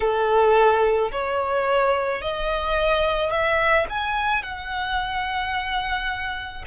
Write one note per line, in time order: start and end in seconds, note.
0.00 1.11 A4
1.11 2.21 C#5
2.21 3.30 D#5
3.30 3.86 E5
3.89 4.42 G#5
4.42 6.65 F#5